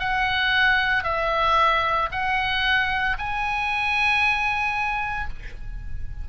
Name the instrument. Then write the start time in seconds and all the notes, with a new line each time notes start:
oboe
0.00 F#5
1.04 E5
2.12 F#5
3.19 G#5